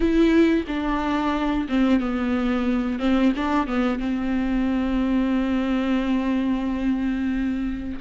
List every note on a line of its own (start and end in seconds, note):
0.00 0.64 E4
0.67 1.67 D4
1.68 2.00 C4
2.00 2.99 B3
2.99 3.32 C4
3.35 3.67 D4
3.67 3.99 B3
3.99 7.99 C4